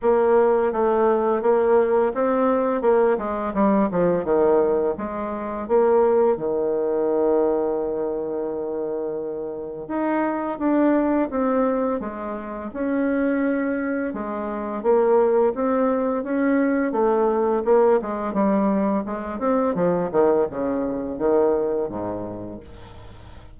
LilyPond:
\new Staff \with { instrumentName = "bassoon" } { \time 4/4 \tempo 4 = 85 ais4 a4 ais4 c'4 | ais8 gis8 g8 f8 dis4 gis4 | ais4 dis2.~ | dis2 dis'4 d'4 |
c'4 gis4 cis'2 | gis4 ais4 c'4 cis'4 | a4 ais8 gis8 g4 gis8 c'8 | f8 dis8 cis4 dis4 gis,4 | }